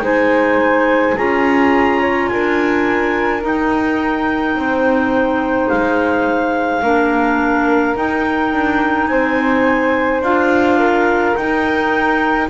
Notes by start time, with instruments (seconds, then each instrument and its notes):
0.00 double bass G#3, clarinet D#4 G#5, flute C5
1.16 double bass C#4, clarinet F4 A#5, flute G#4
2.01 flute C#5
2.28 double bass D4, flute A#4, clarinet G#5
3.42 clarinet D#4 G5, double bass D#4
4.55 double bass C4, flute C5
5.69 double bass G#3, clarinet F5
6.83 double bass A#3, clarinet D4, flute A#4
7.96 double bass D#4, clarinet D#4 G5
8.52 double bass D4
9.07 double bass C4, flute C5, clarinet G#5
10.21 double bass D4, clarinet F4 F5
10.79 flute A#4
11.36 double bass D#4, clarinet D#4 G5